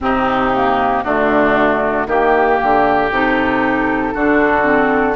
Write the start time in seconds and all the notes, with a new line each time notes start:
0.00 C3 C4 D#4 G4
0.54 A#3
1.03 D3 A3 D4 F#4
2.06 D#3 A#3 G4
2.62 D3
3.10 C3 D#4 A4
4.14 D3 D4 F#4
4.62 C4